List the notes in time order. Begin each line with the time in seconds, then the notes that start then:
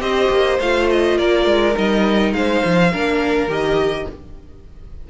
0.00 C4 G4 C5 D#5
0.30 A#3
0.60 A3 F4 F5
0.90 D#5
1.18 A#3 A#4 D5
1.46 G#3
1.74 G3 D#4 D#5
2.33 G#3 C5 F5
2.65 F3
2.92 A#3 D4 A#4
3.47 D#3 G4 D#5